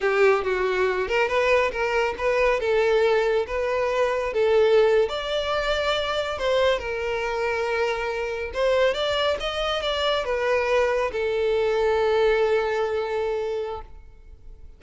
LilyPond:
\new Staff \with { instrumentName = "violin" } { \time 4/4 \tempo 4 = 139 g'4 fis'4. ais'8 b'4 | ais'4 b'4 a'2 | b'2 a'4.~ a'16 d''16~ | d''2~ d''8. c''4 ais'16~ |
ais'2.~ ais'8. c''16~ | c''8. d''4 dis''4 d''4 b'16~ | b'4.~ b'16 a'2~ a'16~ | a'1 | }